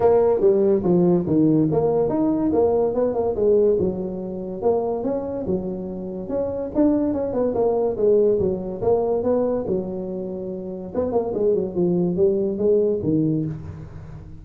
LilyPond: \new Staff \with { instrumentName = "tuba" } { \time 4/4 \tempo 4 = 143 ais4 g4 f4 dis4 | ais4 dis'4 ais4 b8 ais8 | gis4 fis2 ais4 | cis'4 fis2 cis'4 |
d'4 cis'8 b8 ais4 gis4 | fis4 ais4 b4 fis4~ | fis2 b8 ais8 gis8 fis8 | f4 g4 gis4 dis4 | }